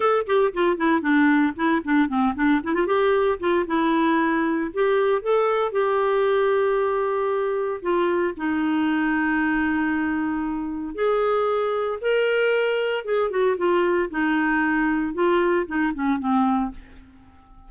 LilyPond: \new Staff \with { instrumentName = "clarinet" } { \time 4/4 \tempo 4 = 115 a'8 g'8 f'8 e'8 d'4 e'8 d'8 | c'8 d'8 e'16 f'16 g'4 f'8 e'4~ | e'4 g'4 a'4 g'4~ | g'2. f'4 |
dis'1~ | dis'4 gis'2 ais'4~ | ais'4 gis'8 fis'8 f'4 dis'4~ | dis'4 f'4 dis'8 cis'8 c'4 | }